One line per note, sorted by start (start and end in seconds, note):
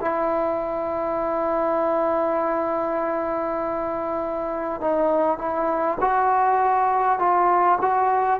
0.00 4.80 E4
4.80 5.38 D#4
5.38 5.98 E4
6.00 7.18 F#4
7.18 7.78 F4
7.81 8.39 F#4